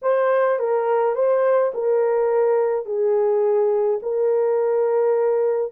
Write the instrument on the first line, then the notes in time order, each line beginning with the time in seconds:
horn
0.02 C5
0.59 A#4
1.15 C5
1.74 A#4
2.85 G#4
4.02 A#4